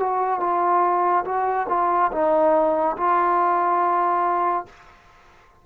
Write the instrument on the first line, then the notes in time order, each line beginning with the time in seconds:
trombone
0.00 F#4
0.40 F4
1.25 F#4
1.69 F4
2.12 D#4
2.97 F4